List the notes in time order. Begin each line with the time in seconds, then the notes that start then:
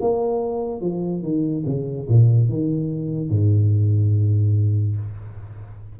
0.00 A#3
0.81 F3
1.22 D#3
1.65 C#3
2.08 A#2
2.48 D#3
3.29 G#2